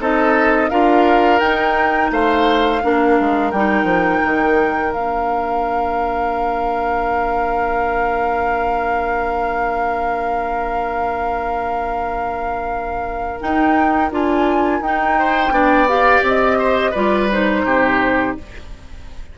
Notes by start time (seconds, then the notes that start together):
0.00 C4 D#4 A4 D#5
0.70 D4 F4 A#4 F5
1.39 D#4 G5
2.11 A3 C5 F5
2.82 A#3 D4 A#4
3.20 G#3
3.51 G3 D#4 G5
3.84 F3
4.25 D#3
4.93 A#3 D4 F5
13.40 D#4 G5
14.11 D4 F4 G#5
14.81 D#4 G5
15.19 C5
15.50 B3 D4 D5
15.88 G4 F5
16.22 C4 D#5
16.59 C5
16.91 G3 F4 B4 D5
17.32 D#4 C5
17.65 C3 G4